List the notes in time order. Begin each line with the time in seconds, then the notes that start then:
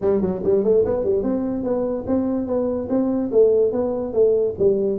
0.01 G3
0.21 F#3
0.43 G3
0.63 A3
0.85 B3
1.03 G3
1.22 C4
1.63 B3
2.06 C4
2.46 B3
2.89 C4
3.31 A3
3.72 B3
4.13 A3
4.58 G3